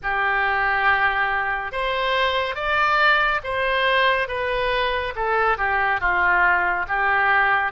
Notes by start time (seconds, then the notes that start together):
0.02 G4
1.71 C5
2.55 D5
3.43 C5
4.28 B4
5.15 A4
5.57 G4
6.00 F4
6.88 G4